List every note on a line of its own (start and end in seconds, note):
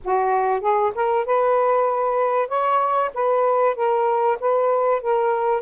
0.04 0.61 F#4
0.61 0.92 G#4
0.95 1.25 A#4
1.25 2.48 B4
2.48 3.11 C#5
3.13 3.75 B4
3.75 4.38 A#4
4.39 5.01 B4
5.01 5.62 A#4